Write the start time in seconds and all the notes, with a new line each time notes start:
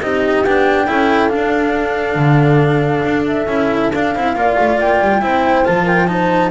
0.00 C4 D#4 G4 D#5
0.44 B3 D4 G5
0.87 C#4 E4 A4
1.29 D4 F5
2.15 D3
3.04 D4
3.26 E5
3.46 C#4 E4
3.93 D4 F5
4.14 C4 E4
4.34 A#3 F4 D5
4.59 A3
4.78 A#3 G5
5.00 G3
5.21 C4 E4 C5
5.64 F3 F4 A5
5.84 A#4 G5
6.07 D#4 C5 A5